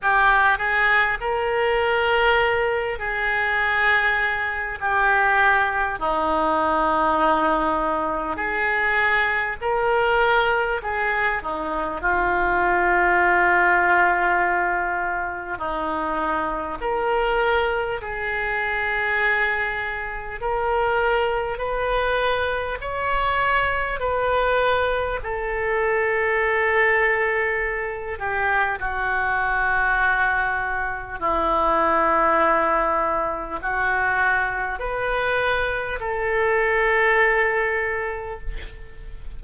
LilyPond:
\new Staff \with { instrumentName = "oboe" } { \time 4/4 \tempo 4 = 50 g'8 gis'8 ais'4. gis'4. | g'4 dis'2 gis'4 | ais'4 gis'8 dis'8 f'2~ | f'4 dis'4 ais'4 gis'4~ |
gis'4 ais'4 b'4 cis''4 | b'4 a'2~ a'8 g'8 | fis'2 e'2 | fis'4 b'4 a'2 | }